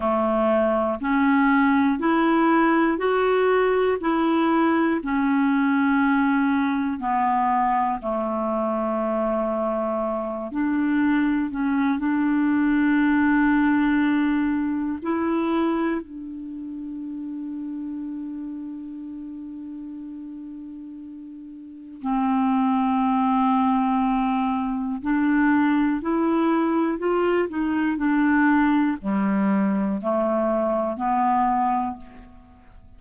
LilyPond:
\new Staff \with { instrumentName = "clarinet" } { \time 4/4 \tempo 4 = 60 a4 cis'4 e'4 fis'4 | e'4 cis'2 b4 | a2~ a8 d'4 cis'8 | d'2. e'4 |
d'1~ | d'2 c'2~ | c'4 d'4 e'4 f'8 dis'8 | d'4 g4 a4 b4 | }